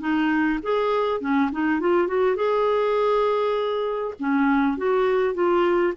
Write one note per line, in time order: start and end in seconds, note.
0.00 0.59 D#4
0.62 1.20 G#4
1.20 1.50 C#4
1.52 1.80 D#4
1.80 2.07 F4
2.07 2.36 F#4
2.36 4.14 G#4
4.19 4.77 C#4
4.77 5.34 F#4
5.34 5.93 F4